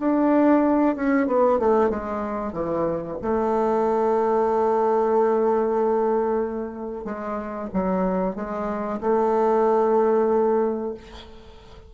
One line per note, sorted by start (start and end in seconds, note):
0.00 0.96 D4
0.96 1.28 C#4
1.28 1.59 B3
1.59 1.90 A3
1.90 2.53 G#3
2.53 3.18 E3
3.22 7.05 A3
7.05 7.70 G#3
7.74 8.36 F#3
8.36 9.00 G#3
9.01 10.95 A3